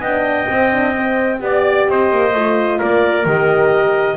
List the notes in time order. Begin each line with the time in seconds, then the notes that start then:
0.00 B3 D4 D#5 G5
0.48 C4
0.71 D4
0.97 C4
1.39 B3 G4 D5
1.88 C4 C5 D#5
2.11 A#3
2.33 A3 F4
2.78 A#3 A#4 D5
3.25 D#3 G4 D#5